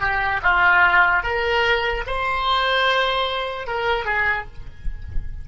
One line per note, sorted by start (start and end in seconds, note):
0.00 0.41 G4
0.42 1.23 F4
1.23 2.04 A#4
2.06 3.67 C5
3.67 4.05 A#4
4.05 4.46 G#4